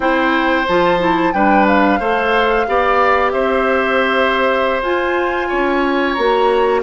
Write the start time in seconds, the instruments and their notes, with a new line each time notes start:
0.00 bassoon C4, clarinet E4, oboe C5, flute G5
0.67 bassoon F3, clarinet F4, flute A5
0.99 clarinet E4
1.32 bassoon G3, clarinet D4, oboe B4, flute G5
1.67 flute F5
1.99 bassoon A3, clarinet A4, oboe C5
2.66 bassoon B3, clarinet G4, oboe D5
3.31 bassoon C4, oboe C5, flute E5
4.82 bassoon F4, clarinet F4, flute G#5
5.48 bassoon C#4, oboe C#5
6.14 bassoon A#3, clarinet F#4, flute A#5